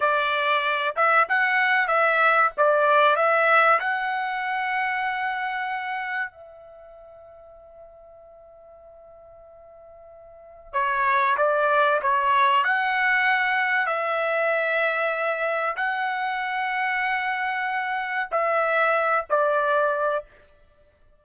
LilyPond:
\new Staff \with { instrumentName = "trumpet" } { \time 4/4 \tempo 4 = 95 d''4. e''8 fis''4 e''4 | d''4 e''4 fis''2~ | fis''2 e''2~ | e''1~ |
e''4 cis''4 d''4 cis''4 | fis''2 e''2~ | e''4 fis''2.~ | fis''4 e''4. d''4. | }